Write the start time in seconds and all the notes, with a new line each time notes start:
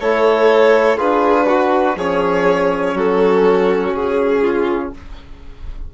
0.00 A3 E4 A4 C#5
0.97 D4 F4 G#4 B4
1.47 F#4
1.96 F3 C#4 G#4 C#5
2.94 F#3 F#4 A4
3.94 C#3 G#4
4.42 F4